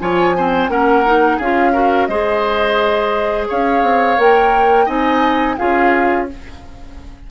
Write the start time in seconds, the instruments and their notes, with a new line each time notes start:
0.00 bassoon F3, clarinet F4, oboe C#5, flute G#5
0.37 clarinet C4, oboe C5
0.69 bassoon A#3, clarinet C#4, oboe A#4, flute F#5
1.06 clarinet D#4
1.37 bassoon C#4, clarinet F4, oboe G#4, flute F5
1.73 clarinet F#4, oboe A#4
2.07 bassoon G#3, clarinet G#4, oboe C5, flute D#5
3.49 bassoon C#4, oboe C#5, flute F5
3.83 bassoon C4
4.18 bassoon A#3, clarinet A#4, flute G5
4.86 bassoon C4, clarinet D#4, oboe D#5, flute G#5
5.57 bassoon C#4, clarinet F4, oboe G#4, flute F5